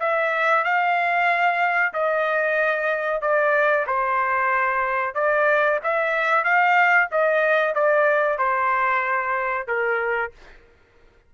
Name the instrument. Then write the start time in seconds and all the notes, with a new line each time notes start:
trumpet
0.00 E5
0.65 F5
1.94 D#5
3.22 D5
3.87 C5
5.15 D5
5.84 E5
6.44 F5
7.12 D#5
7.75 D5
8.39 C5
9.68 A#4